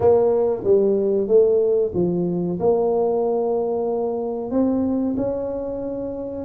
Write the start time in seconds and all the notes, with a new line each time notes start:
0.00 A#3
0.63 G3
1.27 A3
1.94 F3
2.59 A#3
4.50 C4
5.16 C#4